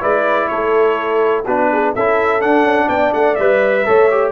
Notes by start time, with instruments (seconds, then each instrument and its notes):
0.00 tuba G#3, trombone E4, horn B4, trumpet D5
0.48 tuba A3, horn A4, trumpet C#5
1.45 tuba B3, trombone D4, horn F#4, trumpet B4
1.72 horn G#4
1.95 tuba C#4, trombone E4, horn A4, trumpet E5
2.40 trombone D4, tuba D4, trumpet F#5
2.63 tuba C#4
2.86 tuba B3, horn D5, trumpet G5
3.13 tuba A3, trumpet F#5
3.35 tuba G3, trombone B4, trumpet E5
3.85 tuba A3, trombone A4, horn C#5
4.10 trombone G4